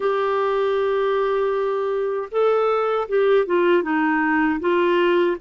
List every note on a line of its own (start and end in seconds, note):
0.00 2.29 G4
2.31 3.08 A4
3.08 3.45 G4
3.45 3.83 F4
3.83 4.59 D#4
4.59 5.36 F4